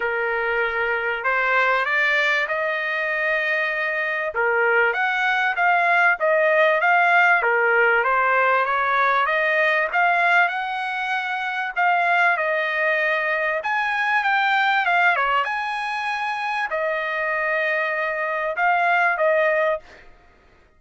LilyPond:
\new Staff \with { instrumentName = "trumpet" } { \time 4/4 \tempo 4 = 97 ais'2 c''4 d''4 | dis''2. ais'4 | fis''4 f''4 dis''4 f''4 | ais'4 c''4 cis''4 dis''4 |
f''4 fis''2 f''4 | dis''2 gis''4 g''4 | f''8 cis''8 gis''2 dis''4~ | dis''2 f''4 dis''4 | }